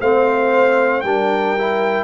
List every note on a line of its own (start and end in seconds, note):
0.00 1.04 A3
0.00 1.04 C4
0.00 1.03 C5
0.00 1.01 F5
1.01 2.04 G3
1.01 1.57 D4
1.01 2.04 A#4
1.01 2.04 G5
1.59 2.04 E4